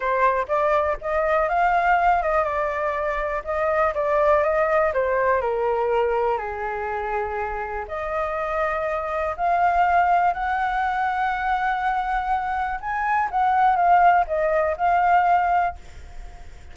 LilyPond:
\new Staff \with { instrumentName = "flute" } { \time 4/4 \tempo 4 = 122 c''4 d''4 dis''4 f''4~ | f''8 dis''8 d''2 dis''4 | d''4 dis''4 c''4 ais'4~ | ais'4 gis'2. |
dis''2. f''4~ | f''4 fis''2.~ | fis''2 gis''4 fis''4 | f''4 dis''4 f''2 | }